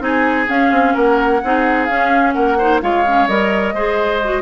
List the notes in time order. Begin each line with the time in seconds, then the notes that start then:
0.00 C4 D#4 G#4 G#5
0.49 C#4 F5
0.72 C4
0.94 A#3 A#4 F#5
1.44 C4 D#4 G#4
1.85 C#4 F5
2.33 A#3 A#4 F#5
2.58 D#4 C5
2.82 G#3 F4 C#5 F5
3.06 C#4
3.28 G3 A#4 D#5
3.74 G#3 G#4 C5
4.25 F#4